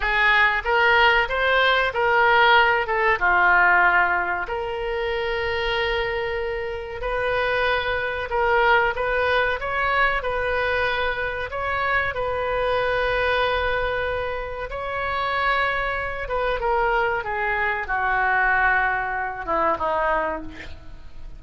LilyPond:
\new Staff \with { instrumentName = "oboe" } { \time 4/4 \tempo 4 = 94 gis'4 ais'4 c''4 ais'4~ | ais'8 a'8 f'2 ais'4~ | ais'2. b'4~ | b'4 ais'4 b'4 cis''4 |
b'2 cis''4 b'4~ | b'2. cis''4~ | cis''4. b'8 ais'4 gis'4 | fis'2~ fis'8 e'8 dis'4 | }